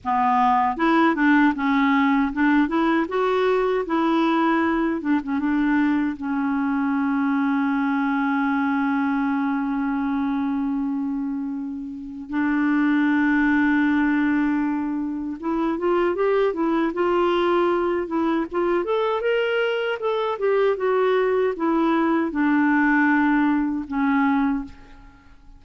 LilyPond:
\new Staff \with { instrumentName = "clarinet" } { \time 4/4 \tempo 4 = 78 b4 e'8 d'8 cis'4 d'8 e'8 | fis'4 e'4. d'16 cis'16 d'4 | cis'1~ | cis'1 |
d'1 | e'8 f'8 g'8 e'8 f'4. e'8 | f'8 a'8 ais'4 a'8 g'8 fis'4 | e'4 d'2 cis'4 | }